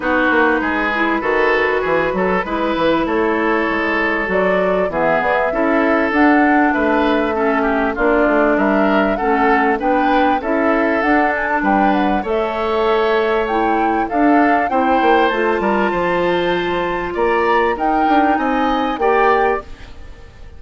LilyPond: <<
  \new Staff \with { instrumentName = "flute" } { \time 4/4 \tempo 4 = 98 b'1~ | b'4 cis''2 d''4 | e''8 d''16 e''4~ e''16 fis''4 e''4~ | e''4 d''4 e''4 fis''4 |
g''4 e''4 fis''8 gis''16 a''16 g''8 fis''8 | e''2 g''4 f''4 | g''4 a''2. | ais''4 g''4 gis''4 g''4 | }
  \new Staff \with { instrumentName = "oboe" } { \time 4/4 fis'4 gis'4 a'4 gis'8 a'8 | b'4 a'2. | gis'4 a'2 b'4 | a'8 g'8 f'4 ais'4 a'4 |
b'4 a'2 b'4 | cis''2. a'4 | c''4. ais'8 c''2 | d''4 ais'4 dis''4 d''4 | }
  \new Staff \with { instrumentName = "clarinet" } { \time 4/4 dis'4. e'8 fis'2 | e'2. fis'4 | b4 e'4 d'2 | cis'4 d'2 cis'4 |
d'4 e'4 d'2 | a'2 e'4 d'4 | e'4 f'2.~ | f'4 dis'2 g'4 | }
  \new Staff \with { instrumentName = "bassoon" } { \time 4/4 b8 ais8 gis4 dis4 e8 fis8 | gis8 e8 a4 gis4 fis4 | e8 b8 cis'4 d'4 a4~ | a4 ais8 a8 g4 a4 |
b4 cis'4 d'4 g4 | a2. d'4 | c'8 ais8 a8 g8 f2 | ais4 dis'8 d'8 c'4 ais4 | }
>>